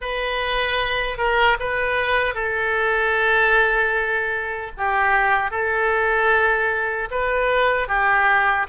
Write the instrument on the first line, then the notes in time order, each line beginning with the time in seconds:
oboe
0.01 B4
1.17 A#4
1.59 B4
2.34 A4
4.77 G4
5.50 A4
7.11 B4
7.87 G4